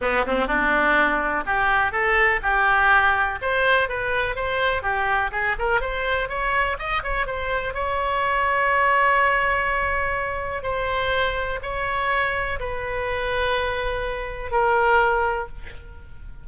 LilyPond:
\new Staff \with { instrumentName = "oboe" } { \time 4/4 \tempo 4 = 124 b8 c'8 d'2 g'4 | a'4 g'2 c''4 | b'4 c''4 g'4 gis'8 ais'8 | c''4 cis''4 dis''8 cis''8 c''4 |
cis''1~ | cis''2 c''2 | cis''2 b'2~ | b'2 ais'2 | }